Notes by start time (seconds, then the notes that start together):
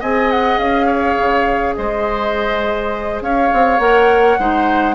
0.00 C4 G#4 D#5 G#5
0.32 F#5
0.58 C#4 F5
0.87 C#5
1.18 C#3
1.76 G#3 C5 D#5
3.21 C#4 C#5 F5
3.53 C4
3.79 A#3 A#4 F#5
4.40 G#3 D#4 C5